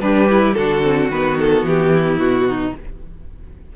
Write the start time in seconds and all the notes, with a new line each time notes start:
0.00 G3 D4 G4 B4
0.30 E4
0.54 D3 D4 F#4 A4
0.82 C4
1.09 D#3 B3 B4
1.39 A4
1.63 E3 G4
1.94 E4
2.19 B2 F#4
2.48 D#4